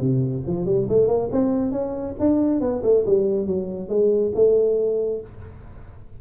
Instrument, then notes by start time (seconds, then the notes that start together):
tuba
0.00 C3
0.47 F3
0.65 G3
0.88 A3
1.07 A#3
1.32 C4
1.72 C#4
2.20 D4
2.60 B3
2.83 A3
3.06 G3
3.46 F#3
3.88 G#3
4.34 A3